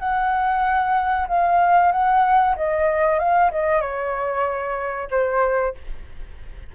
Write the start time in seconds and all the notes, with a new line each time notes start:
0.00 F#5
1.29 F5
1.92 F#5
2.57 D#5
3.20 F5
3.52 D#5
3.82 C#5
5.11 C5